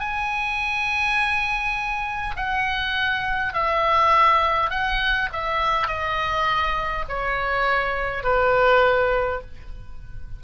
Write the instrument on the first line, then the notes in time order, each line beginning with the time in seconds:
oboe
0.00 G#5
2.36 F#5
3.53 E5
4.70 F#5
5.33 E5
5.88 D#5
7.09 C#5
8.24 B4